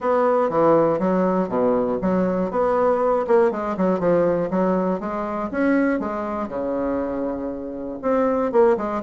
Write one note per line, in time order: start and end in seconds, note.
0.00 0.49 B3
0.49 0.99 E3
0.99 1.48 F#3
1.48 1.98 B2
2.01 2.50 F#3
2.50 3.25 B3
3.27 3.51 A#3
3.51 3.76 G#3
3.77 3.99 F#3
3.99 4.49 F3
4.50 5.00 F#3
5.00 5.50 G#3
5.51 5.99 C#4
5.99 6.48 G#3
6.48 7.98 C#3
8.02 8.51 C4
8.51 8.76 A#3
8.77 9.02 G#3